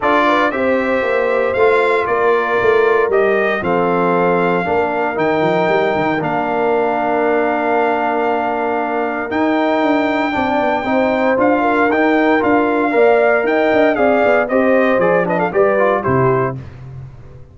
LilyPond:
<<
  \new Staff \with { instrumentName = "trumpet" } { \time 4/4 \tempo 4 = 116 d''4 e''2 f''4 | d''2 dis''4 f''4~ | f''2 g''2 | f''1~ |
f''2 g''2~ | g''2 f''4 g''4 | f''2 g''4 f''4 | dis''4 d''8 dis''16 f''16 d''4 c''4 | }
  \new Staff \with { instrumentName = "horn" } { \time 4/4 a'8 b'8 c''2. | ais'2. a'4~ | a'4 ais'2.~ | ais'1~ |
ais'1 | d''4 c''4. ais'4.~ | ais'4 d''4 dis''4 d''4 | c''4. b'16 a'16 b'4 g'4 | }
  \new Staff \with { instrumentName = "trombone" } { \time 4/4 f'4 g'2 f'4~ | f'2 g'4 c'4~ | c'4 d'4 dis'2 | d'1~ |
d'2 dis'2 | d'4 dis'4 f'4 dis'4 | f'4 ais'2 gis'4 | g'4 gis'8 d'8 g'8 f'8 e'4 | }
  \new Staff \with { instrumentName = "tuba" } { \time 4/4 d'4 c'4 ais4 a4 | ais4 a4 g4 f4~ | f4 ais4 dis8 f8 g8 dis8 | ais1~ |
ais2 dis'4 d'4 | c'8 b8 c'4 d'4 dis'4 | d'4 ais4 dis'8 d'8 c'8 b8 | c'4 f4 g4 c4 | }
>>